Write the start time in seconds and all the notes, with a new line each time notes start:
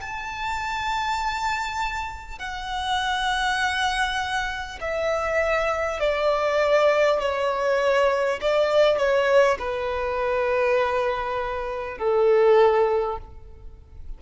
0.00 A5
2.38 F#5
4.80 E5
6.00 D5
7.19 C#5
8.41 D5
8.97 C#5
9.58 B4
11.98 A4